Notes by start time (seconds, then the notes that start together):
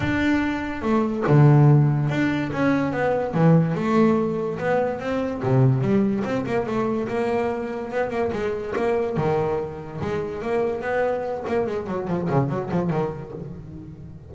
0.00 D4
0.81 A3
1.27 D3
2.09 D4
2.52 C#4
2.92 B3
3.33 E3
3.74 A3
4.58 B3
4.99 C4
5.42 C3
5.81 G3
6.24 C4
6.46 A#3
6.66 A3
7.08 A#3
7.91 B3
8.10 A#3
8.32 G#3
8.76 A#3
9.16 D#3
10.01 G#3
10.41 A#3
10.81 B3
11.47 A#3
11.66 G#3
11.87 F#3
12.07 F3
12.29 C#3
12.49 F#3
12.71 F3
12.89 D#3